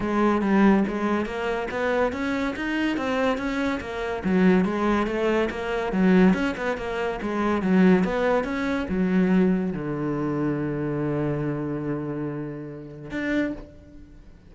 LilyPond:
\new Staff \with { instrumentName = "cello" } { \time 4/4 \tempo 4 = 142 gis4 g4 gis4 ais4 | b4 cis'4 dis'4 c'4 | cis'4 ais4 fis4 gis4 | a4 ais4 fis4 cis'8 b8 |
ais4 gis4 fis4 b4 | cis'4 fis2 d4~ | d1~ | d2. d'4 | }